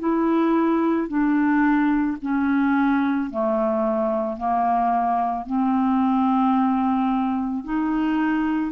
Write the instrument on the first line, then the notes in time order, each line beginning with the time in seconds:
clarinet
0.00 E4
1.08 D4
2.23 C#4
3.31 A3
4.38 A#3
5.47 C4
7.65 D#4